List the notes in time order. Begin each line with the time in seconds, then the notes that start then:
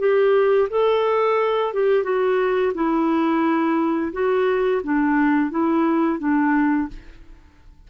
0.00 G4
0.70 A4
1.74 G4
2.04 F#4
2.75 E4
4.13 F#4
4.84 D4
5.51 E4
6.20 D4